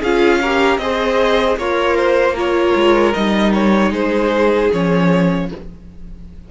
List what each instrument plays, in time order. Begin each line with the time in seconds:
0.00 cello C#4, viola F4, violin G#4 F5
0.41 viola G4, violin A#4
0.78 cello C4, viola G#4, violin C5 D#5
1.57 cello A#3, violin F4 C#5, viola A#4
1.97 violin C5
2.34 viola F4, violin A#4 C#5
2.75 cello G#3
3.13 cello G3, viola D#4, violin D#5
3.54 violin C#5
3.90 cello G#3, violin G#4 C5
4.72 cello F3, viola C#4, violin C#5